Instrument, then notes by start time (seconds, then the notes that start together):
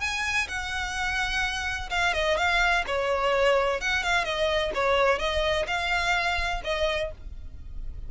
violin
0.00 G#5
0.47 F#5
1.90 F5
2.13 D#5
2.37 F5
2.86 C#5
3.80 F#5
4.03 F5
4.24 D#5
4.74 C#5
5.19 D#5
5.67 F5
6.64 D#5